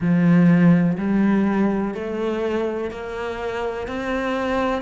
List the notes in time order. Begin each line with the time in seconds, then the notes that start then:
0.00 F3
0.98 G3
1.94 A3
2.90 A#3
3.87 C4